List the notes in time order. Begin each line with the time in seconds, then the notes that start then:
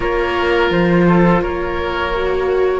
0.00 A#3 F4 A#4 C#5
0.70 F3 C5
1.07 A4
1.41 A#3 A#4 C#5
2.15 F#4